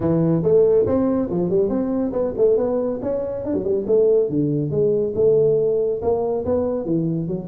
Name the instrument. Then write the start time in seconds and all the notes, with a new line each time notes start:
tuba
0.00 E3
0.43 A3
0.86 C4
1.30 F3
1.50 G3
1.69 C4
2.12 B3
2.37 A3
2.57 B3
3.01 C#4
3.44 D4
3.54 F#3
3.64 G3
3.86 A3
4.29 D3
4.70 G#3
5.15 A3
6.02 A#3
6.45 B3
6.85 E3
7.27 F#3